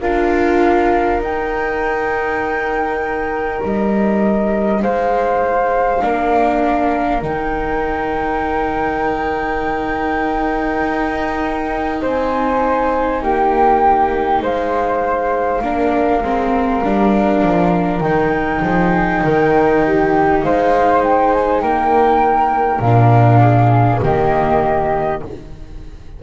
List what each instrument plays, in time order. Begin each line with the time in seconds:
0.00 double bass D4, viola F4, flute A#4 F5
1.20 double bass D#4, viola D#4, flute G5
3.63 double bass G3, flute D#5
4.82 double bass G#3, flute C5 F5
6.01 double bass A#3, viola D4, flute A#4
7.21 double bass D#3, viola D#4, flute G5
10.80 double bass D#4
12.01 double bass C4, flute C5 G#5
13.21 double bass A#3, flute G4 G5
14.41 double bass G#3, flute C5 F5
15.61 double bass A#3, viola D4, flute A#4
16.22 double bass G#3, viola C4
16.83 double bass G3, viola D4
17.43 double bass F3
17.99 double bass D#3, viola D#4, flute G5
18.61 double bass F3, flute G#4
19.23 double bass D#3, flute A#4
19.85 flute G4
20.43 double bass G#3, flute C5 F5
21.03 flute G5
21.32 flute G#5
21.61 double bass A#3, flute A#4 G5
22.79 double bass A#2, viola D4, flute F5
23.40 flute G#4
24.02 double bass D#3, viola A#3, flute G4 D#5